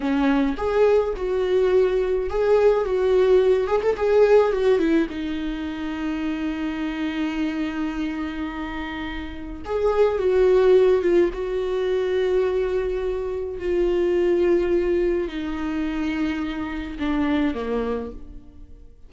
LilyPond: \new Staff \with { instrumentName = "viola" } { \time 4/4 \tempo 4 = 106 cis'4 gis'4 fis'2 | gis'4 fis'4. gis'16 a'16 gis'4 | fis'8 e'8 dis'2.~ | dis'1~ |
dis'4 gis'4 fis'4. f'8 | fis'1 | f'2. dis'4~ | dis'2 d'4 ais4 | }